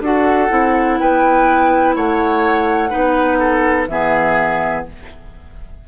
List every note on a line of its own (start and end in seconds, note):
0.00 0.48 D4
0.00 0.49 F#4
0.00 1.00 A4
0.00 0.98 F#5
0.49 0.99 C4
0.49 2.90 E4
0.98 1.96 B3
0.98 1.95 B4
0.98 1.95 G5
1.95 2.92 A3
1.95 2.90 C#5
1.95 3.86 F#5
2.90 3.87 B3
2.90 3.86 D#4
2.90 3.38 B4
3.39 3.87 A4
3.86 4.84 E3
3.86 4.87 B3
3.86 4.88 G#4
3.86 4.83 E5